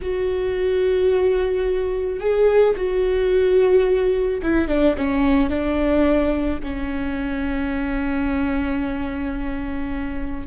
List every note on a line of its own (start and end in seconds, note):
0.01 2.19 F#4
2.19 2.74 G#4
2.76 4.41 F#4
4.42 4.68 E4
4.68 4.95 D4
4.97 5.49 C#4
5.49 6.59 D4
6.63 10.47 C#4